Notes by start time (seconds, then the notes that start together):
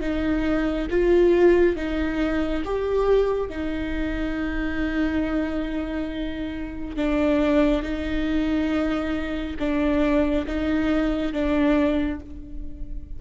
0.00 D#4
0.90 F4
1.75 D#4
2.64 G4
3.49 D#4
6.96 D4
7.82 D#4
9.58 D4
10.46 D#4
11.32 D4